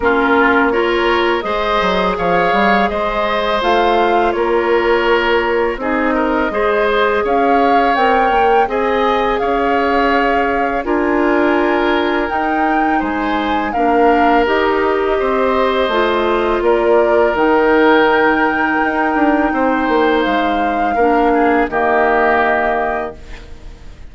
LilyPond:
<<
  \new Staff \with { instrumentName = "flute" } { \time 4/4 \tempo 4 = 83 ais'4 cis''4 dis''4 f''4 | dis''4 f''4 cis''2 | dis''2 f''4 g''4 | gis''4 f''2 gis''4~ |
gis''4 g''4 gis''4 f''4 | dis''2. d''4 | g''1 | f''2 dis''2 | }
  \new Staff \with { instrumentName = "oboe" } { \time 4/4 f'4 ais'4 c''4 cis''4 | c''2 ais'2 | gis'8 ais'8 c''4 cis''2 | dis''4 cis''2 ais'4~ |
ais'2 c''4 ais'4~ | ais'4 c''2 ais'4~ | ais'2. c''4~ | c''4 ais'8 gis'8 g'2 | }
  \new Staff \with { instrumentName = "clarinet" } { \time 4/4 cis'4 f'4 gis'2~ | gis'4 f'2. | dis'4 gis'2 ais'4 | gis'2. f'4~ |
f'4 dis'2 d'4 | g'2 f'2 | dis'1~ | dis'4 d'4 ais2 | }
  \new Staff \with { instrumentName = "bassoon" } { \time 4/4 ais2 gis8 fis8 f8 g8 | gis4 a4 ais2 | c'4 gis4 cis'4 c'8 ais8 | c'4 cis'2 d'4~ |
d'4 dis'4 gis4 ais4 | dis'4 c'4 a4 ais4 | dis2 dis'8 d'8 c'8 ais8 | gis4 ais4 dis2 | }
>>